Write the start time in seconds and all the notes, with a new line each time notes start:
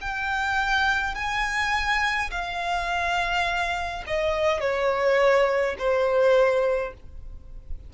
0.00 G5
1.14 G#5
2.31 F5
4.06 D#5
4.60 C#5
5.78 C5